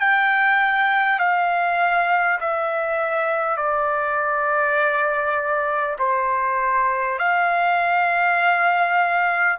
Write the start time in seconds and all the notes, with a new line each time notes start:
0.00 G5
1.19 F5
2.41 E5
3.57 D5
5.99 C5
7.19 F5